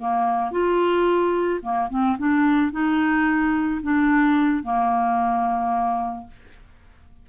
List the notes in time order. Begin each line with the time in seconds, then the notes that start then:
0.00 A#3
0.52 F4
1.63 A#3
1.90 C4
2.19 D4
2.72 D#4
3.83 D4
4.64 A#3